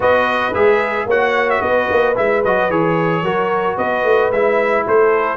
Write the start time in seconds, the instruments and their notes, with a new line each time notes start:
0.00 tuba B3, trombone F#4, horn B4, trumpet D#5
0.54 tuba G#3, trombone G#4, trumpet E5
1.05 tuba A#3, trombone F#4, horn C#5, trumpet F#5
1.50 trumpet E5
1.61 tuba B3, horn B4, trumpet D#5
1.90 tuba A#3
2.15 tuba G#3, trombone E4, trumpet E5
2.44 tuba F#3, trombone F#4, trumpet D#5
2.70 tuba E3, trombone G#4, trumpet C#5
3.22 tuba F#3, trombone F#4, horn A#4
3.75 tuba B3, horn B4, trumpet D#5
4.03 tuba A3
4.30 tuba G#3, trombone E4, trumpet E5
4.86 tuba A3, horn A4, trumpet C5